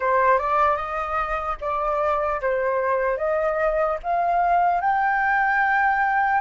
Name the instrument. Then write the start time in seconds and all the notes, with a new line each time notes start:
flute
0.00 C5
0.38 D5
0.76 D#5
1.60 D5
2.41 C5
3.17 D#5
4.03 F5
4.80 G5